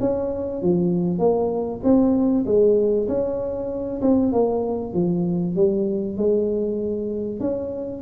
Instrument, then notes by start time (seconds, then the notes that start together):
tuba
0.00 C#4
0.62 F3
1.18 A#3
1.83 C4
2.45 G#3
3.08 C#4
4.01 C4
4.32 A#3
4.93 F3
5.56 G3
6.17 G#3
7.40 C#4